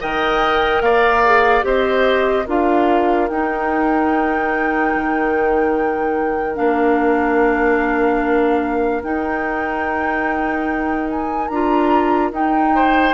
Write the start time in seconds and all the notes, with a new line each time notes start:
0.00 D#3 A#4 D#5 G5
0.81 A#3 D5 F5
1.25 G#4
1.62 C4 G4 C5 D#5
2.46 D4 F4 A#4 F5
3.28 D#4 G5
4.95 D#3
6.55 A#3 D4 F5
9.03 D#4 G5
11.10 G#5
11.48 D4 F4 A#5
12.31 D#4 G5
12.75 C5